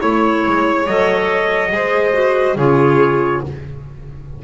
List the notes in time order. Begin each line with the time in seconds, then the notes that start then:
0.00 A3 E4 C#5
0.47 G#3
0.86 F#3 A4 D#5
1.69 G#3 G#4 C5
2.13 F#4
2.56 C#3 F4 G#4 C#5